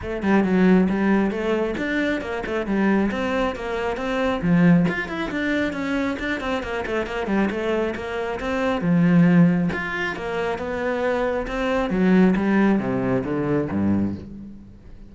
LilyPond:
\new Staff \with { instrumentName = "cello" } { \time 4/4 \tempo 4 = 136 a8 g8 fis4 g4 a4 | d'4 ais8 a8 g4 c'4 | ais4 c'4 f4 f'8 e'8 | d'4 cis'4 d'8 c'8 ais8 a8 |
ais8 g8 a4 ais4 c'4 | f2 f'4 ais4 | b2 c'4 fis4 | g4 c4 d4 g,4 | }